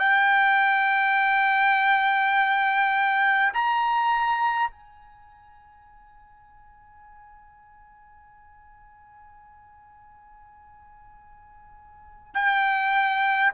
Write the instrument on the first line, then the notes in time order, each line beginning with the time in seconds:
trumpet
0.00 G5
3.54 A#5
4.71 G#5
12.35 G5